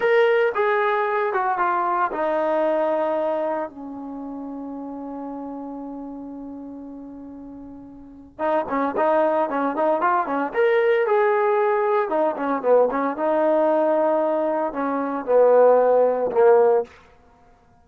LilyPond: \new Staff \with { instrumentName = "trombone" } { \time 4/4 \tempo 4 = 114 ais'4 gis'4. fis'8 f'4 | dis'2. cis'4~ | cis'1~ | cis'1 |
dis'8 cis'8 dis'4 cis'8 dis'8 f'8 cis'8 | ais'4 gis'2 dis'8 cis'8 | b8 cis'8 dis'2. | cis'4 b2 ais4 | }